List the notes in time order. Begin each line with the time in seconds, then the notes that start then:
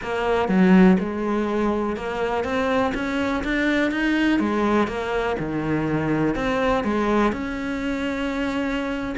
0.02 A#3
0.48 F#3
0.99 G#3
1.96 A#3
2.44 C4
2.94 C#4
3.44 D4
3.91 D#4
4.39 G#3
4.87 A#3
5.39 D#3
6.35 C4
6.83 G#3
7.32 C#4